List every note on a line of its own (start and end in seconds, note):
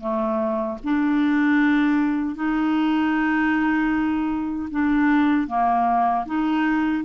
0.00 0.78 A3
0.84 2.35 D4
2.35 4.69 D#4
4.70 5.48 D4
5.48 6.26 A#3
6.26 7.04 D#4